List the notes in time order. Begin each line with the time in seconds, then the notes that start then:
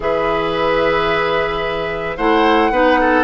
0.00 E3 G#4 B4 E5
2.16 A3 E4 C5 F#5
2.71 B3 D#4 B4
3.00 A4